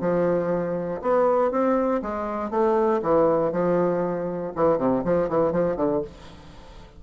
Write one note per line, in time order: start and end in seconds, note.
0.00 1.01 F3
1.02 1.51 B3
1.51 2.01 C4
2.02 2.50 G#3
2.50 3.01 A3
3.03 3.52 E3
3.52 4.53 F3
4.55 4.78 E3
4.78 5.03 C3
5.04 5.28 F3
5.28 5.52 E3
5.52 5.76 F3
5.76 6.02 D3